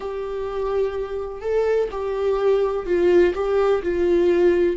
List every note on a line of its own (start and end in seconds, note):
0.00 1.41 G4
1.41 1.88 A4
1.91 2.86 G4
2.86 3.33 F4
3.34 3.82 G4
3.82 4.76 F4